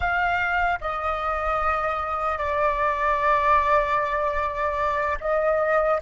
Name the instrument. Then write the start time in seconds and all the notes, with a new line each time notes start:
flute
0.00 F5
0.80 D#5
2.37 D5
5.20 D#5